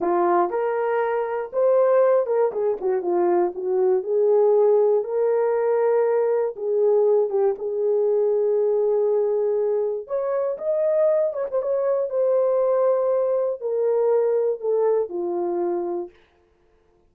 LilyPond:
\new Staff \with { instrumentName = "horn" } { \time 4/4 \tempo 4 = 119 f'4 ais'2 c''4~ | c''8 ais'8 gis'8 fis'8 f'4 fis'4 | gis'2 ais'2~ | ais'4 gis'4. g'8 gis'4~ |
gis'1 | cis''4 dis''4. cis''16 c''16 cis''4 | c''2. ais'4~ | ais'4 a'4 f'2 | }